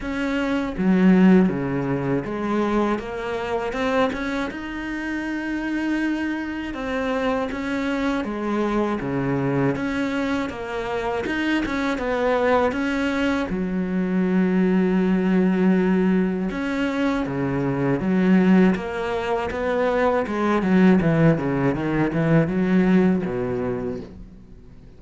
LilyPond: \new Staff \with { instrumentName = "cello" } { \time 4/4 \tempo 4 = 80 cis'4 fis4 cis4 gis4 | ais4 c'8 cis'8 dis'2~ | dis'4 c'4 cis'4 gis4 | cis4 cis'4 ais4 dis'8 cis'8 |
b4 cis'4 fis2~ | fis2 cis'4 cis4 | fis4 ais4 b4 gis8 fis8 | e8 cis8 dis8 e8 fis4 b,4 | }